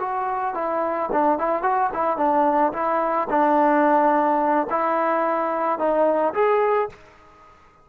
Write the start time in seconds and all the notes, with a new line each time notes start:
0.00 F#4
0.55 E4
1.13 D4
1.39 E4
1.63 F#4
1.94 E4
2.18 D4
2.73 E4
3.30 D4
4.71 E4
5.79 D#4
6.35 G#4